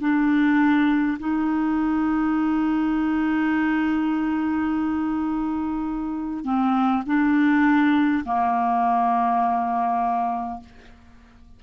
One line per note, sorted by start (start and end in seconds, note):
0.00 1.18 D4
1.19 6.44 D#4
6.44 7.03 C4
7.06 8.24 D4
8.25 10.60 A#3